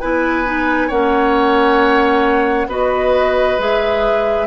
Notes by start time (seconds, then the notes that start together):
0.00 B3 E4 B4 G#5
0.45 D#4
0.88 A#3 C#4 C#5 F#5
2.67 B3 F#4 B4 D#5
3.58 G#3 G#4 E5